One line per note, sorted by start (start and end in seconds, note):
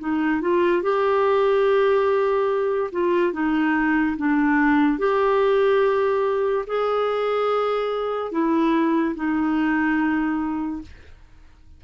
0.00 0.41 D#4
0.41 0.83 F4
0.83 2.91 G4
2.92 3.33 F4
3.33 4.17 D#4
4.17 4.99 D4
4.99 6.66 G4
6.67 8.32 G#4
8.32 9.15 E4
9.15 10.82 D#4